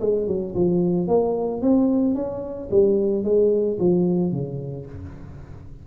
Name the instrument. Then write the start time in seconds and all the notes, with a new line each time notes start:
tuba
0.00 G#3
0.27 F#3
0.55 F3
1.07 A#3
1.61 C4
2.14 C#4
2.70 G3
3.24 G#3
3.79 F3
4.32 C#3